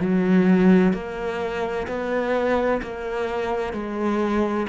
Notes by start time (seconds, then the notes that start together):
0.00 F#3
0.93 A#3
1.87 B3
2.83 A#3
3.73 G#3